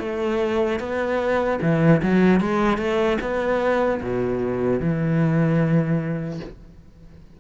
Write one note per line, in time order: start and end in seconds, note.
0.00 0.80 A3
0.80 1.60 B3
1.62 2.02 E3
2.03 2.41 F#3
2.41 2.78 G#3
2.78 3.18 A3
3.21 4.01 B3
4.03 4.80 B2
4.80 6.40 E3